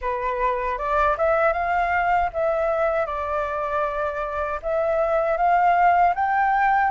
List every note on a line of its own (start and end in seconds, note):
0.01 0.78 B4
0.78 1.16 D5
1.17 1.52 E5
1.52 2.29 F5
2.33 3.06 E5
3.06 4.59 D5
4.62 5.37 E5
5.37 6.14 F5
6.14 6.91 G5